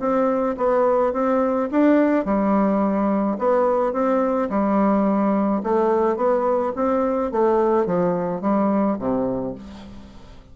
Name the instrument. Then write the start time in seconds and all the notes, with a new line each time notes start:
bassoon
0.00 C4
0.58 B3
1.13 C4
1.72 D4
2.25 G3
3.39 B3
3.93 C4
4.50 G3
5.64 A3
6.17 B3
6.76 C4
7.32 A3
7.86 F3
8.41 G3
8.99 C3